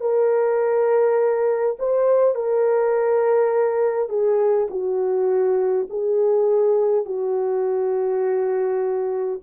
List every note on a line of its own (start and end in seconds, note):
0.00 1.76 A#4
1.79 2.35 C5
2.35 4.09 A#4
4.09 4.67 G#4
4.70 5.88 F#4
5.89 7.05 G#4
7.05 9.41 F#4